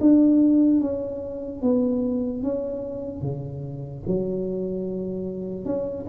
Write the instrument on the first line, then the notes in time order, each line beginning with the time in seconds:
tuba
0.00 D4
0.81 C#4
1.62 B3
2.43 C#4
3.22 C#3
4.07 F#3
5.65 C#4